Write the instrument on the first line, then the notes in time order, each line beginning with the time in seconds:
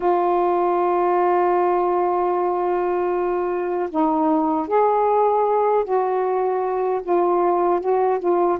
saxophone
0.00 F4
3.90 D#4
4.68 G#4
5.84 F#4
7.03 F4
7.80 F#4
8.19 F4